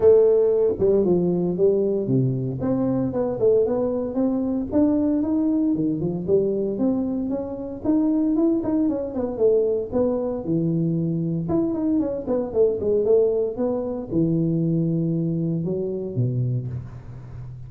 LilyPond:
\new Staff \with { instrumentName = "tuba" } { \time 4/4 \tempo 4 = 115 a4. g8 f4 g4 | c4 c'4 b8 a8 b4 | c'4 d'4 dis'4 dis8 f8 | g4 c'4 cis'4 dis'4 |
e'8 dis'8 cis'8 b8 a4 b4 | e2 e'8 dis'8 cis'8 b8 | a8 gis8 a4 b4 e4~ | e2 fis4 b,4 | }